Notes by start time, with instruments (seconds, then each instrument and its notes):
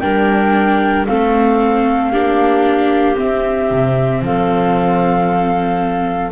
0.00 double bass G3, viola D4, clarinet A#4, flute G5
1.06 double bass A3, viola C4, clarinet A4, flute F5
2.12 double bass A#3, viola D4, clarinet G4
3.15 viola C4, double bass C4, flute E5
3.71 double bass C3
4.21 double bass F3, clarinet A4, flute F5